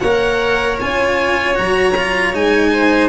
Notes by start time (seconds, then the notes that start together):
0.00 A#3 A#4 C#5 F#5
0.80 C#4 F4 G#5
1.55 F#3 F#4 A#5
1.97 F4
2.33 G#3 D#4 G#5
2.72 C5